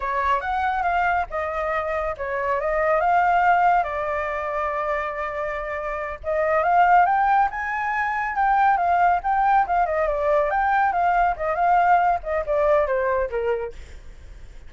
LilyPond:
\new Staff \with { instrumentName = "flute" } { \time 4/4 \tempo 4 = 140 cis''4 fis''4 f''4 dis''4~ | dis''4 cis''4 dis''4 f''4~ | f''4 d''2.~ | d''2~ d''8 dis''4 f''8~ |
f''8 g''4 gis''2 g''8~ | g''8 f''4 g''4 f''8 dis''8 d''8~ | d''8 g''4 f''4 dis''8 f''4~ | f''8 dis''8 d''4 c''4 ais'4 | }